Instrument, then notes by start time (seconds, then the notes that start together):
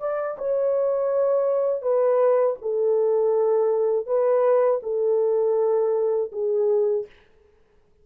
horn
0.00 D5
0.38 C#5
1.82 B4
2.62 A4
4.07 B4
4.83 A4
6.32 G#4